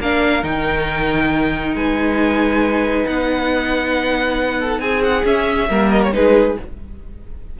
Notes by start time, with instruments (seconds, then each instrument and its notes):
0.00 cello A#3, viola D4, violin A#4 F5
0.43 cello D#3, viola D#4, violin G5
1.75 cello G#3, violin B4 G#5
3.07 cello B3, violin F#5
4.60 violin A4
4.79 cello C4, violin G#4 G#5
5.04 violin F#5
5.25 viola C#4, cello C#4, violin E5
5.70 cello G3, viola A#3, violin A#4
5.92 violin D#5
6.03 violin C#5
6.13 cello G#3, viola D#4, violin G#4 B4